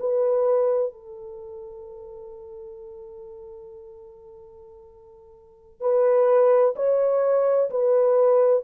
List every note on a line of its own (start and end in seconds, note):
0.00 0.93 B4
0.93 5.81 A4
5.81 6.75 B4
6.76 7.70 C#5
7.70 8.64 B4